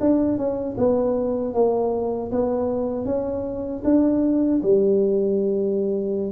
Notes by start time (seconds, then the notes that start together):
0.00 D4
0.37 C#4
0.77 B3
1.53 A#3
2.31 B3
3.05 C#4
3.84 D4
4.63 G3